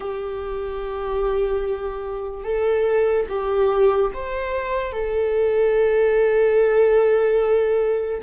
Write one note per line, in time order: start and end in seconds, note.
0.00 2.44 G4
2.44 3.26 A4
3.28 4.11 G4
4.13 4.92 C5
4.92 8.21 A4